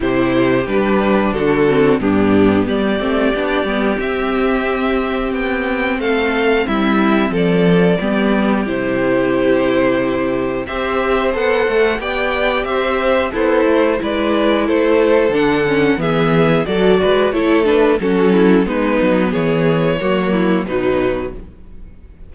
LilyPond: <<
  \new Staff \with { instrumentName = "violin" } { \time 4/4 \tempo 4 = 90 c''4 b'4 a'4 g'4 | d''2 e''2 | g''4 f''4 e''4 d''4~ | d''4 c''2. |
e''4 fis''4 g''4 e''4 | c''4 d''4 c''4 fis''4 | e''4 d''4 cis''8 b'8 a'4 | b'4 cis''2 b'4 | }
  \new Staff \with { instrumentName = "violin" } { \time 4/4 g'2 fis'4 d'4 | g'1~ | g'4 a'4 e'4 a'4 | g'1 |
c''2 d''4 c''4 | e'4 b'4 a'2 | gis'4 a'8 b'8 a'4 fis'8 e'8 | dis'4 gis'4 fis'8 e'8 dis'4 | }
  \new Staff \with { instrumentName = "viola" } { \time 4/4 e'4 d'4. c'8 b4~ | b8 c'8 d'8 b8 c'2~ | c'1 | b4 e'2. |
g'4 a'4 g'2 | a'4 e'2 d'8 cis'8 | b4 fis'4 e'8 d'8 cis'4 | b2 ais4 fis4 | }
  \new Staff \with { instrumentName = "cello" } { \time 4/4 c4 g4 d4 g,4 | g8 a8 b8 g8 c'2 | b4 a4 g4 f4 | g4 c2. |
c'4 b8 a8 b4 c'4 | b8 a8 gis4 a4 d4 | e4 fis8 gis8 a4 fis4 | gis8 fis8 e4 fis4 b,4 | }
>>